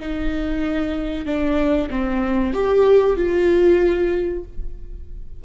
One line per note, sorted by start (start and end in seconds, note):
0.00 1.26 D#4
1.26 1.90 D4
1.90 2.54 C4
2.54 3.17 G4
3.17 4.44 F4